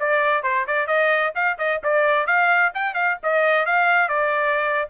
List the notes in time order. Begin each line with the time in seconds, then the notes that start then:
0.00 D5
0.44 C5
0.67 D5
0.87 D#5
1.35 F5
1.58 D#5
1.83 D5
2.27 F5
2.74 G5
2.95 F5
3.23 D#5
3.66 F5
4.09 D5